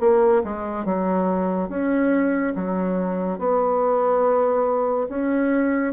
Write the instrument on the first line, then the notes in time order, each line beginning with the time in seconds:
bassoon
0.00 A#3
0.43 G#3
0.85 F#3
1.69 C#4
2.55 F#3
3.38 B3
5.09 C#4